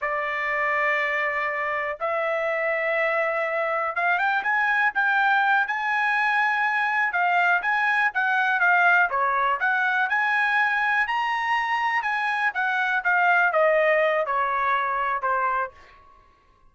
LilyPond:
\new Staff \with { instrumentName = "trumpet" } { \time 4/4 \tempo 4 = 122 d''1 | e''1 | f''8 g''8 gis''4 g''4. gis''8~ | gis''2~ gis''8 f''4 gis''8~ |
gis''8 fis''4 f''4 cis''4 fis''8~ | fis''8 gis''2 ais''4.~ | ais''8 gis''4 fis''4 f''4 dis''8~ | dis''4 cis''2 c''4 | }